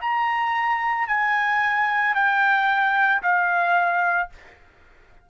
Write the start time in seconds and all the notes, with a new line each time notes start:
0.00 A#5
1.07 G#5
2.14 G5
3.22 F5